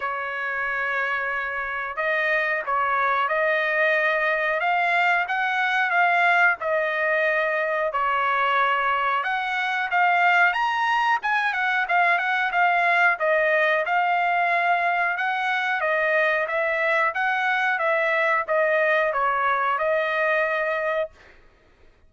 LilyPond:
\new Staff \with { instrumentName = "trumpet" } { \time 4/4 \tempo 4 = 91 cis''2. dis''4 | cis''4 dis''2 f''4 | fis''4 f''4 dis''2 | cis''2 fis''4 f''4 |
ais''4 gis''8 fis''8 f''8 fis''8 f''4 | dis''4 f''2 fis''4 | dis''4 e''4 fis''4 e''4 | dis''4 cis''4 dis''2 | }